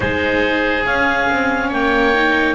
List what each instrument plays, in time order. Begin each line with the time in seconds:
0.00 double bass G#3, viola D#4, oboe G#4, clarinet C5
0.85 double bass C#4, viola C#4, clarinet F5
1.29 double bass C4
1.68 double bass A#3, oboe C#5, clarinet G5
2.14 viola D#4